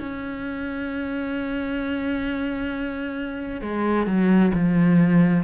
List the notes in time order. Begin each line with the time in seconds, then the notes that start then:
0.00 C#4
3.62 G#3
4.07 F#3
4.55 F3